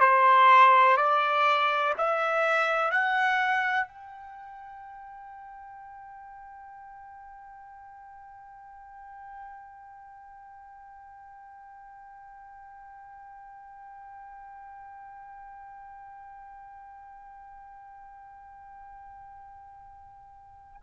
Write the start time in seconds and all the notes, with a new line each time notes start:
0.00 C5
0.96 D5
1.97 E5
2.91 F#5
3.87 G5